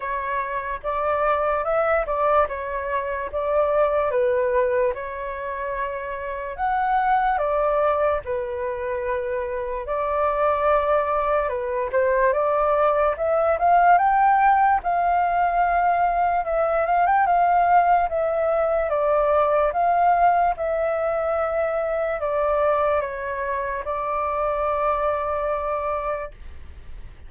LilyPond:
\new Staff \with { instrumentName = "flute" } { \time 4/4 \tempo 4 = 73 cis''4 d''4 e''8 d''8 cis''4 | d''4 b'4 cis''2 | fis''4 d''4 b'2 | d''2 b'8 c''8 d''4 |
e''8 f''8 g''4 f''2 | e''8 f''16 g''16 f''4 e''4 d''4 | f''4 e''2 d''4 | cis''4 d''2. | }